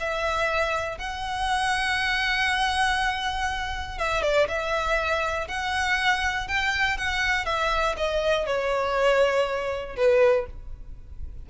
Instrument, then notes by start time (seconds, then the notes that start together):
violin
0.00 E5
0.98 F#5
3.98 E5
4.22 D5
4.48 E5
5.48 F#5
6.48 G5
6.97 F#5
7.45 E5
7.97 D#5
8.46 C#5
9.96 B4